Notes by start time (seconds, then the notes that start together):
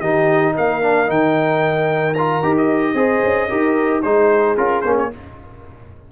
0.00 D#3 D#4 G4 D#5
0.55 A#3 A#4 F5
0.82 D4
1.06 D#3 D#4 G5
2.14 F4 A#5
2.43 D#4 G4
2.58 D#5
2.94 C4 G#4 C5
3.24 C#4
3.49 D#4 G4 A#4
4.02 G#3 D#4 G#4 C5
4.57 C#4 F4 A#4
4.81 A#3 C#4 C5
4.98 C#5